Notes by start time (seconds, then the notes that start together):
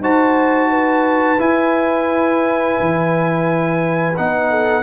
0.00 D#4 F#4 C5 A5
0.70 B4
1.38 E4 G#5
2.80 E3
4.17 B3 D#4 F#5
4.49 A4